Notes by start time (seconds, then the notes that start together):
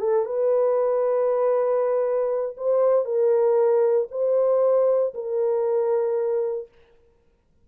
0.00 A4
0.26 B4
2.57 C5
3.05 A#4
4.11 C5
5.14 A#4